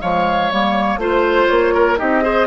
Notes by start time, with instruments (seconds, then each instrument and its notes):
0.00 bassoon F3, clarinet G#3, oboe C#5, flute F5
0.50 bassoon G3, clarinet A#3, flute C#5
0.97 bassoon A3, clarinet F4, oboe C5, flute C5
1.47 bassoon A#3, flute C#5
1.74 oboe A#4
1.97 bassoon C4, clarinet D#4, oboe G4, flute D#5
2.22 clarinet G#4, oboe C5